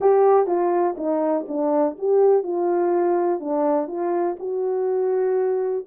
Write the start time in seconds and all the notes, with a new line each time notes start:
0.00 G4
0.46 F4
0.97 D#4
1.48 D4
1.98 G4
2.43 F4
3.39 D4
3.87 F4
4.39 F#4